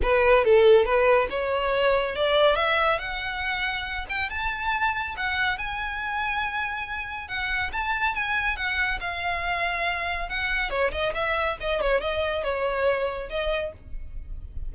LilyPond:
\new Staff \with { instrumentName = "violin" } { \time 4/4 \tempo 4 = 140 b'4 a'4 b'4 cis''4~ | cis''4 d''4 e''4 fis''4~ | fis''4. g''8 a''2 | fis''4 gis''2.~ |
gis''4 fis''4 a''4 gis''4 | fis''4 f''2. | fis''4 cis''8 dis''8 e''4 dis''8 cis''8 | dis''4 cis''2 dis''4 | }